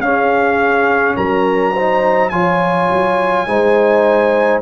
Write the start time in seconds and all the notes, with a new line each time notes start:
0.00 C#4 G#4 F5
1.17 F#3 A#4 A#5
1.73 D#4 C5
2.30 F3 F4 C#5 G#5
2.91 F#3
3.47 G#3 D#4 C5